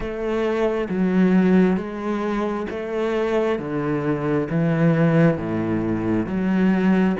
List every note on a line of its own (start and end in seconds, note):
0.00 0.88 A3
0.89 1.76 F#3
1.76 2.66 G#3
2.69 3.58 A3
3.58 4.48 D3
4.50 5.37 E3
5.37 6.26 A2
6.26 7.16 F#3